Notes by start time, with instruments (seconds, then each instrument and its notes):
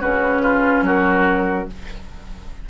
0.00 bassoon C#3, clarinet C#4, oboe F#4, flute B4
0.42 oboe F4
0.82 bassoon F#3, oboe F#4, flute A#4